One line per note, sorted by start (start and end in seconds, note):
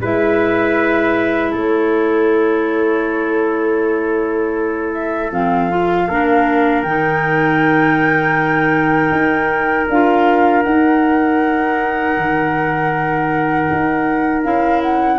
0.00 1.52 G#3
0.00 5.32 E4
0.00 1.50 B4
0.00 1.53 E5
1.50 5.31 A3
1.50 6.06 A4
1.50 4.93 C#5
4.93 5.31 E5
5.31 6.07 F3
5.31 5.70 C4
5.31 6.83 F5
5.70 6.08 F4
6.07 6.83 A#3
6.07 6.86 D4
6.07 15.19 A#4
6.83 9.11 D#3
6.83 9.91 D#4
6.83 9.86 G5
9.11 9.87 D#4
9.88 10.64 D4
9.88 10.64 F4
9.88 10.62 F5
10.62 14.44 D#4
10.62 12.17 D#4
10.62 14.42 F#5
12.17 13.69 D#3
13.71 14.44 D#4
14.43 15.19 C#4
14.43 15.19 E4
14.43 14.81 F5
14.82 15.19 F#5